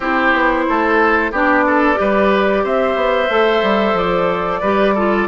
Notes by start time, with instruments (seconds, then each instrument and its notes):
0.00 bassoon C4, clarinet E4, oboe G4, flute C5
0.33 bassoon B3
0.69 bassoon A3, oboe A4
1.31 bassoon B3, clarinet D4, oboe G4, flute D5
1.66 oboe A4
1.94 bassoon G3, clarinet G4, oboe B4
2.63 bassoon C4, oboe C5, flute E5
2.95 bassoon B3
3.29 bassoon A3, clarinet A4
3.62 bassoon G3
3.93 bassoon F3, flute D5
4.61 bassoon G3, clarinet G4, oboe B4
4.94 clarinet F4, oboe A4